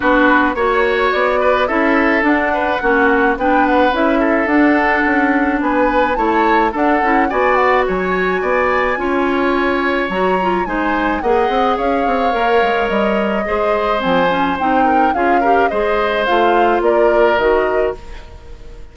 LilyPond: <<
  \new Staff \with { instrumentName = "flute" } { \time 4/4 \tempo 4 = 107 b'4 cis''4 d''4 e''4 | fis''2 g''8 fis''8 e''4 | fis''2 gis''4 a''4 | fis''4 gis''8 fis''8 gis''2~ |
gis''2 ais''4 gis''4 | fis''4 f''2 dis''4~ | dis''4 gis''4 g''4 f''4 | dis''4 f''4 d''4 dis''4 | }
  \new Staff \with { instrumentName = "oboe" } { \time 4/4 fis'4 cis''4. b'8 a'4~ | a'8 b'8 fis'4 b'4. a'8~ | a'2 b'4 cis''4 | a'4 d''4 cis''4 d''4 |
cis''2. c''4 | dis''4 cis''2. | c''2~ c''8 ais'8 gis'8 ais'8 | c''2 ais'2 | }
  \new Staff \with { instrumentName = "clarinet" } { \time 4/4 d'4 fis'2 e'4 | d'4 cis'4 d'4 e'4 | d'2. e'4 | d'8 e'8 fis'2. |
f'2 fis'8 f'8 dis'4 | gis'2 ais'2 | gis'4 c'8 cis'8 dis'4 f'8 g'8 | gis'4 f'2 fis'4 | }
  \new Staff \with { instrumentName = "bassoon" } { \time 4/4 b4 ais4 b4 cis'4 | d'4 ais4 b4 cis'4 | d'4 cis'4 b4 a4 | d'8 cis'8 b4 fis4 b4 |
cis'2 fis4 gis4 | ais8 c'8 cis'8 c'8 ais8 gis8 g4 | gis4 f4 c'4 cis'4 | gis4 a4 ais4 dis4 | }
>>